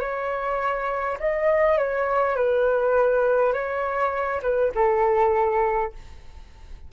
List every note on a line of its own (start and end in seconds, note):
0.00 1.18 C#5
1.20 1.78 D#5
1.78 2.36 C#5
2.36 3.53 B4
3.53 4.42 C#5
4.42 4.72 B4
4.75 5.93 A4